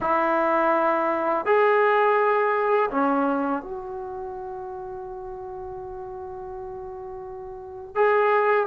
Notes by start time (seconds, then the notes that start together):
0.00 E4
1.45 G#4
2.90 C#4
3.62 F#4
7.95 G#4